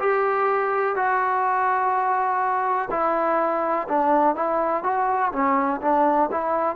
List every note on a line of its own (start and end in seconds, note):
0.00 0.96 G4
0.96 2.89 F#4
2.91 3.88 E4
3.89 4.36 D4
4.36 4.84 E4
4.84 5.32 F#4
5.33 5.81 C#4
5.82 6.30 D4
6.32 6.76 E4